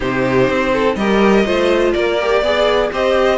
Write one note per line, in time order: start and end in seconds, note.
0.00 0.49 C3
0.00 0.97 D#4
0.00 0.72 G4
0.00 0.95 C5
0.49 0.96 C4
0.73 0.97 A4
0.95 1.44 G3
0.95 1.45 G4
0.95 1.45 A#4
0.95 1.92 D#5
1.45 1.94 A3
1.45 2.18 F4
1.45 1.94 C5
1.92 2.41 A#3
1.92 2.42 A#4
1.92 2.89 D5
2.20 2.43 G4
2.41 2.89 B3
2.41 2.92 G#4
2.41 2.90 D5
2.92 3.38 C4
2.92 3.38 G4
2.92 3.38 C5
2.92 3.38 D#5